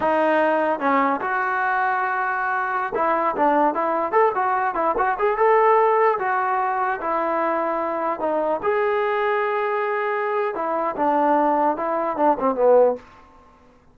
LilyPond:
\new Staff \with { instrumentName = "trombone" } { \time 4/4 \tempo 4 = 148 dis'2 cis'4 fis'4~ | fis'2.~ fis'16 e'8.~ | e'16 d'4 e'4 a'8 fis'4 e'16~ | e'16 fis'8 gis'8 a'2 fis'8.~ |
fis'4~ fis'16 e'2~ e'8.~ | e'16 dis'4 gis'2~ gis'8.~ | gis'2 e'4 d'4~ | d'4 e'4 d'8 c'8 b4 | }